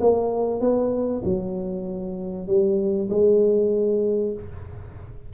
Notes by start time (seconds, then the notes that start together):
0.00 A#3
0.60 B3
1.25 F#3
2.47 G3
3.10 G#3